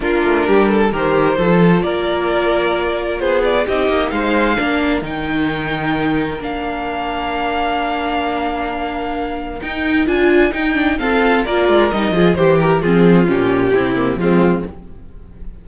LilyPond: <<
  \new Staff \with { instrumentName = "violin" } { \time 4/4 \tempo 4 = 131 ais'2 c''2 | d''2. c''8 d''8 | dis''4 f''2 g''4~ | g''2 f''2~ |
f''1~ | f''4 g''4 gis''4 g''4 | f''4 d''4 dis''4 c''8 ais'8 | gis'4 g'2 f'4 | }
  \new Staff \with { instrumentName = "violin" } { \time 4/4 f'4 g'8 a'8 ais'4 a'4 | ais'2. gis'4 | g'4 c''4 ais'2~ | ais'1~ |
ais'1~ | ais'1 | a'4 ais'4. gis'8 g'4 | f'2 e'4 c'4 | }
  \new Staff \with { instrumentName = "viola" } { \time 4/4 d'2 g'4 f'4~ | f'1 | dis'2 d'4 dis'4~ | dis'2 d'2~ |
d'1~ | d'4 dis'4 f'4 dis'8 d'8 | c'4 f'4 dis'8 f'8 g'4 | c'4 cis'4 c'8 ais8 gis4 | }
  \new Staff \with { instrumentName = "cello" } { \time 4/4 ais8 a8 g4 dis4 f4 | ais2. b4 | c'8 ais8 gis4 ais4 dis4~ | dis2 ais2~ |
ais1~ | ais4 dis'4 d'4 dis'4 | f'4 ais8 gis8 g8 f8 e4 | f4 ais,4 c4 f4 | }
>>